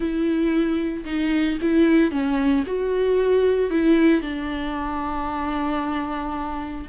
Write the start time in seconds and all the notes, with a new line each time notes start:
0.00 E4
1.05 D#4
1.61 E4
2.11 C#4
2.66 F#4
3.70 E4
4.21 D4